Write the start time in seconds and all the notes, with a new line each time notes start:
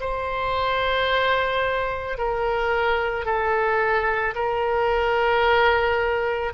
0.00 C5
2.18 A#4
3.25 A4
4.35 A#4